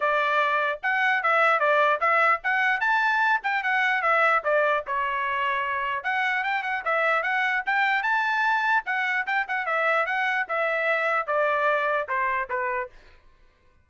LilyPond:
\new Staff \with { instrumentName = "trumpet" } { \time 4/4 \tempo 4 = 149 d''2 fis''4 e''4 | d''4 e''4 fis''4 a''4~ | a''8 g''8 fis''4 e''4 d''4 | cis''2. fis''4 |
g''8 fis''8 e''4 fis''4 g''4 | a''2 fis''4 g''8 fis''8 | e''4 fis''4 e''2 | d''2 c''4 b'4 | }